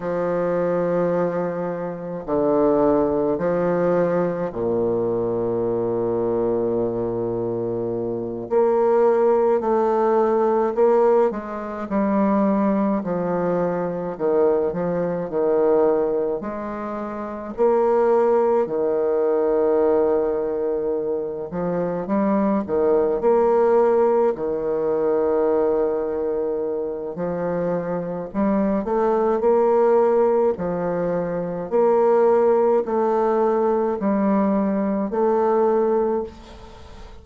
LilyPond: \new Staff \with { instrumentName = "bassoon" } { \time 4/4 \tempo 4 = 53 f2 d4 f4 | ais,2.~ ais,8 ais8~ | ais8 a4 ais8 gis8 g4 f8~ | f8 dis8 f8 dis4 gis4 ais8~ |
ais8 dis2~ dis8 f8 g8 | dis8 ais4 dis2~ dis8 | f4 g8 a8 ais4 f4 | ais4 a4 g4 a4 | }